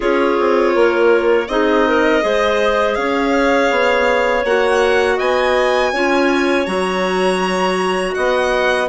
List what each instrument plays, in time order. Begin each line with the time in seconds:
0.00 bassoon C#4, clarinet F4 G#4, violin C#5
0.38 bassoon C4
0.74 bassoon A#3, clarinet A#4
1.47 bassoon C4, clarinet D#4 G#4, violin D#5
1.86 clarinet A#4
2.20 bassoon G#3, clarinet G#4 C5
2.94 bassoon C#4, clarinet C#5, violin F5
3.71 bassoon B3
4.44 bassoon A#3, clarinet F#4, violin F#5
5.16 bassoon B3, clarinet D#5, violin G#5
5.92 bassoon C#4, clarinet F4 C#5
6.65 bassoon F#3, clarinet F#4, violin A#5
8.14 bassoon B3, clarinet D#5, violin F#5